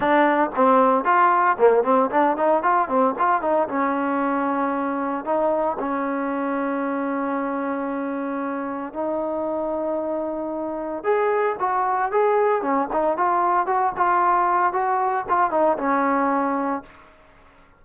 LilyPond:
\new Staff \with { instrumentName = "trombone" } { \time 4/4 \tempo 4 = 114 d'4 c'4 f'4 ais8 c'8 | d'8 dis'8 f'8 c'8 f'8 dis'8 cis'4~ | cis'2 dis'4 cis'4~ | cis'1~ |
cis'4 dis'2.~ | dis'4 gis'4 fis'4 gis'4 | cis'8 dis'8 f'4 fis'8 f'4. | fis'4 f'8 dis'8 cis'2 | }